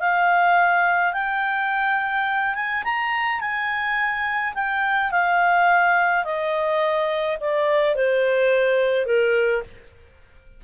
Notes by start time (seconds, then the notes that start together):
0.00 F5
1.13 G5
2.55 G#5
2.84 A#5
3.41 G#5
4.54 G5
5.11 F5
6.24 D#5
7.40 D5
7.95 C5
9.06 A#4